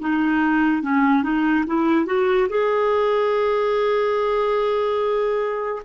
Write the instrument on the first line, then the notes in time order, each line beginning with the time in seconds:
clarinet
0.00 D#4
0.83 C#4
1.23 D#4
1.67 E4
2.06 F#4
2.50 G#4